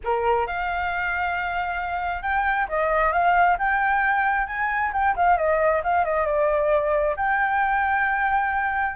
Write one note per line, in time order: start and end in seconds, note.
0.03 0.47 A#4
0.47 2.22 F5
2.22 2.67 G5
2.68 3.12 D#5
3.12 3.57 F5
3.58 4.47 G5
4.47 4.91 G#5
4.92 5.15 G5
5.16 5.37 F5
5.37 5.82 D#5
5.83 6.04 F5
6.04 6.26 D#5
6.26 7.15 D5
7.16 8.95 G5